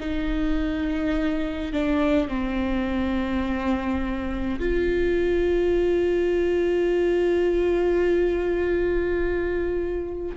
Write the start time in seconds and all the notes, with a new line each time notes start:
0.00 D#4
1.73 D4
2.29 C4
4.59 F4